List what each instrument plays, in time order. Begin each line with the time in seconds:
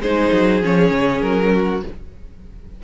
0.00 cello G#3, viola D#4, violin G#4 C5
0.33 cello F#3
0.62 cello F3, viola C#4, violin C#5
0.90 cello C#3
1.22 cello F#3, violin A#4
1.53 violin F#4